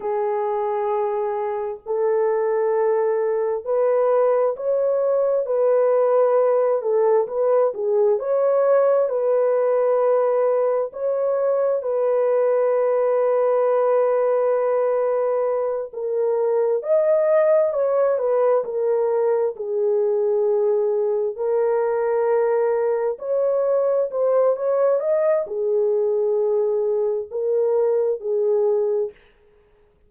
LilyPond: \new Staff \with { instrumentName = "horn" } { \time 4/4 \tempo 4 = 66 gis'2 a'2 | b'4 cis''4 b'4. a'8 | b'8 gis'8 cis''4 b'2 | cis''4 b'2.~ |
b'4. ais'4 dis''4 cis''8 | b'8 ais'4 gis'2 ais'8~ | ais'4. cis''4 c''8 cis''8 dis''8 | gis'2 ais'4 gis'4 | }